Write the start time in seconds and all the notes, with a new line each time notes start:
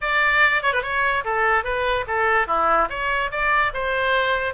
0.01 D5
0.62 C#5
0.72 B4
0.82 C#5
1.24 A4
1.64 B4
2.07 A4
2.47 E4
2.89 C#5
3.31 D5
3.73 C5